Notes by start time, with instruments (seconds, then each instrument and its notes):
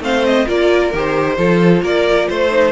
0.00 cello A3, viola C4, violin C5 F5
0.25 violin D#5
0.46 cello A#3, viola F4, violin A#4 D5
0.93 cello D#3, viola G4, violin C5
1.36 cello F3, viola F4, violin A4
1.82 cello A#3, violin A#4 D5
2.28 cello A3, violin C5
2.50 viola D#4